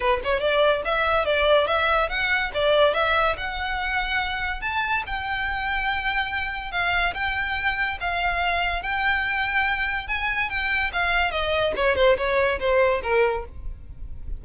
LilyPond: \new Staff \with { instrumentName = "violin" } { \time 4/4 \tempo 4 = 143 b'8 cis''8 d''4 e''4 d''4 | e''4 fis''4 d''4 e''4 | fis''2. a''4 | g''1 |
f''4 g''2 f''4~ | f''4 g''2. | gis''4 g''4 f''4 dis''4 | cis''8 c''8 cis''4 c''4 ais'4 | }